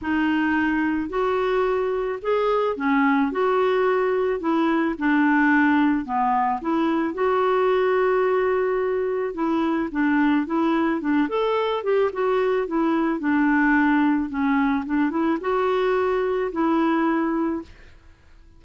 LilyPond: \new Staff \with { instrumentName = "clarinet" } { \time 4/4 \tempo 4 = 109 dis'2 fis'2 | gis'4 cis'4 fis'2 | e'4 d'2 b4 | e'4 fis'2.~ |
fis'4 e'4 d'4 e'4 | d'8 a'4 g'8 fis'4 e'4 | d'2 cis'4 d'8 e'8 | fis'2 e'2 | }